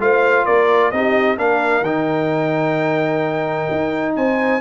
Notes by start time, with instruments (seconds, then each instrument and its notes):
0.00 tuba A3, trombone F4, horn C5, trumpet F5
0.46 tuba A#3, horn A#4, trumpet D5
0.92 tuba C4, trombone D#4, horn G4, trumpet D#5
1.38 tuba A#3, trombone D4, horn A#4, trumpet F5
1.82 tuba D#3, trombone D#4, trumpet G5
3.71 tuba D#4
4.16 tuba C4, horn C5, trumpet G#5